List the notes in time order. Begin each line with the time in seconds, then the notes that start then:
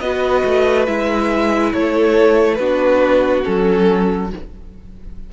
0.00 B3 F#4 B4 D#5
0.45 A3
0.86 G#3 E4 E5
1.73 A3 A4 C#5
2.55 B3 D4 F#4 B4
3.43 F#3 C#4 A4